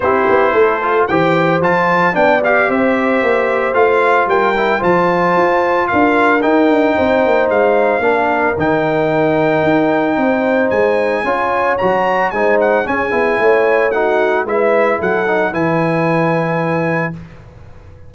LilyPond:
<<
  \new Staff \with { instrumentName = "trumpet" } { \time 4/4 \tempo 4 = 112 c''2 g''4 a''4 | g''8 f''8 e''2 f''4 | g''4 a''2 f''4 | g''2 f''2 |
g''1 | gis''2 ais''4 gis''8 fis''8 | gis''2 fis''4 e''4 | fis''4 gis''2. | }
  \new Staff \with { instrumentName = "horn" } { \time 4/4 g'4 a'4 c''2 | d''4 c''2. | ais'4 c''2 ais'4~ | ais'4 c''2 ais'4~ |
ais'2. c''4~ | c''4 cis''2 c''4 | gis'4 cis''4 fis'4 b'4 | a'4 b'2. | }
  \new Staff \with { instrumentName = "trombone" } { \time 4/4 e'4. f'8 g'4 f'4 | d'8 g'2~ g'8 f'4~ | f'8 e'8 f'2. | dis'2. d'4 |
dis'1~ | dis'4 f'4 fis'4 dis'4 | cis'8 e'4. dis'4 e'4~ | e'8 dis'8 e'2. | }
  \new Staff \with { instrumentName = "tuba" } { \time 4/4 c'8 b8 a4 e4 f4 | b4 c'4 ais4 a4 | g4 f4 f'4 d'4 | dis'8 d'8 c'8 ais8 gis4 ais4 |
dis2 dis'4 c'4 | gis4 cis'4 fis4 gis4 | cis'8 b8 a2 gis4 | fis4 e2. | }
>>